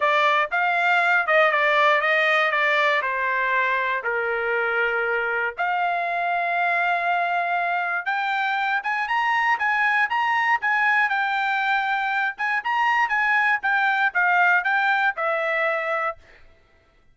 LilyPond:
\new Staff \with { instrumentName = "trumpet" } { \time 4/4 \tempo 4 = 119 d''4 f''4. dis''8 d''4 | dis''4 d''4 c''2 | ais'2. f''4~ | f''1 |
g''4. gis''8 ais''4 gis''4 | ais''4 gis''4 g''2~ | g''8 gis''8 ais''4 gis''4 g''4 | f''4 g''4 e''2 | }